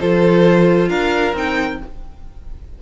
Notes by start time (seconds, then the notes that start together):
0.00 F3 F4 A4 C5
0.89 D4 A#4 F5
1.33 C4 D#4 G5